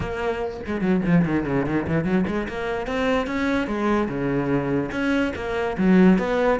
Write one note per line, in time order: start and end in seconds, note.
0.00 0.60 A#3
0.66 0.81 G#3
0.81 1.01 F#3
1.05 1.25 F3
1.25 1.45 D#3
1.45 1.66 C#3
1.66 1.86 D#3
1.87 2.04 E3
2.04 2.25 F#3
2.27 2.47 G#3
2.48 2.86 A#3
2.86 3.27 C4
3.27 3.67 C#4
3.67 4.08 G#3
4.08 4.91 C#3
4.91 5.32 C#4
5.35 5.76 A#3
5.77 6.18 F#3
6.18 6.59 B3